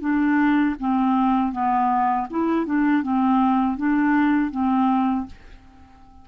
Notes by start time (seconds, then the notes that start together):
0.00 D4
0.79 C4
1.52 B3
2.30 E4
2.66 D4
3.02 C4
3.77 D4
4.51 C4